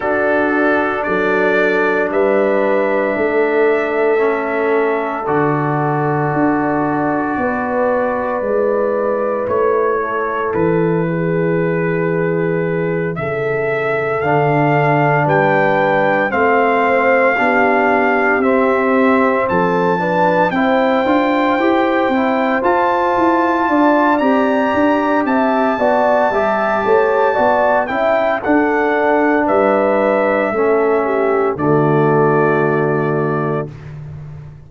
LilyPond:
<<
  \new Staff \with { instrumentName = "trumpet" } { \time 4/4 \tempo 4 = 57 a'4 d''4 e''2~ | e''4 d''2.~ | d''4 cis''4 b'2~ | b'8 e''4 f''4 g''4 f''8~ |
f''4. e''4 a''4 g''8~ | g''4. a''4. ais''4 | a''2~ a''8 g''8 fis''4 | e''2 d''2 | }
  \new Staff \with { instrumentName = "horn" } { \time 4/4 fis'4 a'4 b'4 a'4~ | a'2. b'4~ | b'4. a'4 gis'4.~ | gis'8 a'2 b'4 c''8~ |
c''8 g'2 a'8 b'8 c''8~ | c''2~ c''8 d''4. | e''8 d''8 e''8 cis''8 d''8 e''8 a'4 | b'4 a'8 g'8 fis'2 | }
  \new Staff \with { instrumentName = "trombone" } { \time 4/4 d'1 | cis'4 fis'2. | e'1~ | e'4. d'2 c'8~ |
c'8 d'4 c'4. d'8 e'8 | f'8 g'8 e'8 f'4. g'4~ | g'8 fis'8 g'4 fis'8 e'8 d'4~ | d'4 cis'4 a2 | }
  \new Staff \with { instrumentName = "tuba" } { \time 4/4 d'4 fis4 g4 a4~ | a4 d4 d'4 b4 | gis4 a4 e2~ | e8 cis4 d4 g4 a8~ |
a8 b4 c'4 f4 c'8 | d'8 e'8 c'8 f'8 e'8 d'8 c'8 d'8 | c'8 b8 g8 a8 b8 cis'8 d'4 | g4 a4 d2 | }
>>